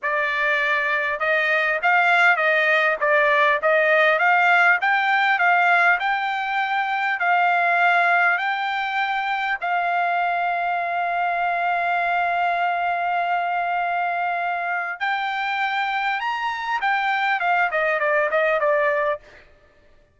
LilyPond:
\new Staff \with { instrumentName = "trumpet" } { \time 4/4 \tempo 4 = 100 d''2 dis''4 f''4 | dis''4 d''4 dis''4 f''4 | g''4 f''4 g''2 | f''2 g''2 |
f''1~ | f''1~ | f''4 g''2 ais''4 | g''4 f''8 dis''8 d''8 dis''8 d''4 | }